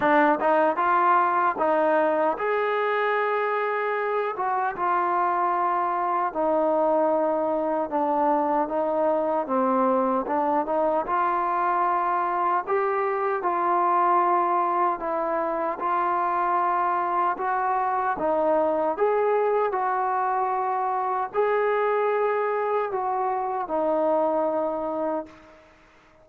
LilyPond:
\new Staff \with { instrumentName = "trombone" } { \time 4/4 \tempo 4 = 76 d'8 dis'8 f'4 dis'4 gis'4~ | gis'4. fis'8 f'2 | dis'2 d'4 dis'4 | c'4 d'8 dis'8 f'2 |
g'4 f'2 e'4 | f'2 fis'4 dis'4 | gis'4 fis'2 gis'4~ | gis'4 fis'4 dis'2 | }